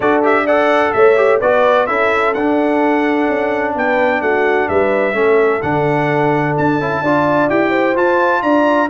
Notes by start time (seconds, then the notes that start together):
0.00 D4 F#4 A4 D5
0.22 G4 E5
0.45 A4 D5 F#5
0.92 A3 C#5 E5
1.16 G4
1.40 B3 F#4 B4 D5
1.86 C#4 E4 A4 E5
2.33 D4 F#5
3.28 C#4
3.75 B3 B4 G5
4.21 A3 F#4 F#5
4.68 G3 B4 E5
5.13 A3 C#4 A4
5.62 D3 D4 F#5
6.57 D4 A5
6.80 C#4 E4
7.02 D4 F4 D5
7.49 E4 G4 G5
7.69 C5
7.95 F4 A5
8.42 D4 D5 A#5